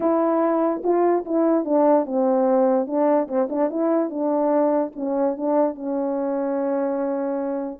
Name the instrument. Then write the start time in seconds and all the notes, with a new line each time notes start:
horn
0.00 E4
0.83 F4
1.25 E4
1.64 D4
2.05 C4
2.86 D4
3.28 C4
3.49 D4
3.70 E4
4.10 D4
4.95 C#4
5.36 D4
5.75 C#4